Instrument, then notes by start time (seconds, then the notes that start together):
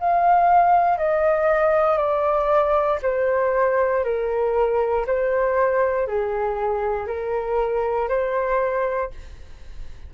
flute
0.00 F5
0.98 D#5
1.97 D5
3.03 C5
4.04 A#4
5.07 C5
6.07 G#4
7.07 A#4
8.09 C5